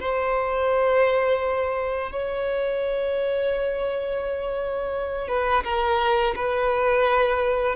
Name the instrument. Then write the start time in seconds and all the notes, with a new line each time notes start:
violin
0.00 C5
2.12 C#5
5.28 B4
5.64 A#4
6.36 B4